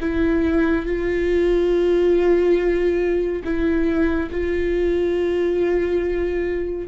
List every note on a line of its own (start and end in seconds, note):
0.00 0.85 E4
0.85 3.42 F4
3.44 4.29 E4
4.31 6.87 F4